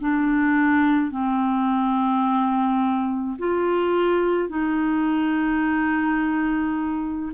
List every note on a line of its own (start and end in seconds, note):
0.00 1.11 D4
1.11 3.37 C4
3.39 4.49 F4
4.49 7.32 D#4